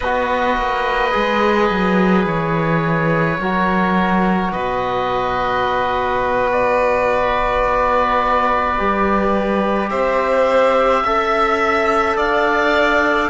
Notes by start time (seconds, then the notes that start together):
0.00 B3 F#4 B4 D#5
0.57 A#3
1.11 G#3 G#4
1.70 F#3
2.25 E3 C#5
3.39 F#3 F#4 A#4
4.51 B2 B4 D#5
6.51 D5
7.67 B3
8.77 G3 G4
9.90 C4 C5 E5
11.03 C#4 A4 E5
12.17 D4 D5 F5